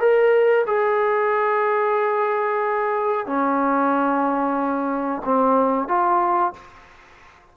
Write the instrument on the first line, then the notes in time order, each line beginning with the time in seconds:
trombone
0.00 A#4
0.66 G#4
3.26 C#4
5.25 C4
5.88 F4